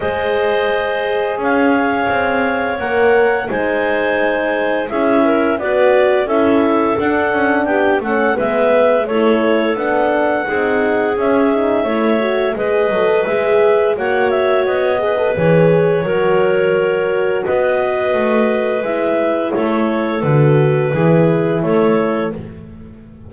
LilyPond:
<<
  \new Staff \with { instrumentName = "clarinet" } { \time 4/4 \tempo 4 = 86 dis''2 f''2 | fis''4 gis''2 e''4 | d''4 e''4 fis''4 g''8 fis''8 | e''4 cis''4 fis''2 |
e''2 dis''4 e''4 | fis''8 e''8 dis''4 cis''2~ | cis''4 dis''2 e''4 | cis''4 b'2 cis''4 | }
  \new Staff \with { instrumentName = "clarinet" } { \time 4/4 c''2 cis''2~ | cis''4 c''2 gis'8 ais'8 | b'4 a'2 g'8 a'8 | b'4 a'2 gis'4~ |
gis'4 cis''4 b'2 | cis''4. b'4. ais'4~ | ais'4 b'2. | a'2 gis'4 a'4 | }
  \new Staff \with { instrumentName = "horn" } { \time 4/4 gis'1 | ais'4 dis'2 e'4 | fis'4 e'4 d'4. cis'8 | b4 e'4 d'4 dis'4 |
cis'8 dis'8 e'8 fis'8 gis'8 a'8 gis'4 | fis'4. gis'16 a'16 gis'4 fis'4~ | fis'2. e'4~ | e'4 fis'4 e'2 | }
  \new Staff \with { instrumentName = "double bass" } { \time 4/4 gis2 cis'4 c'4 | ais4 gis2 cis'4 | b4 cis'4 d'8 cis'8 b8 a8 | gis4 a4 b4 c'4 |
cis'4 a4 gis8 fis8 gis4 | ais4 b4 e4 fis4~ | fis4 b4 a4 gis4 | a4 d4 e4 a4 | }
>>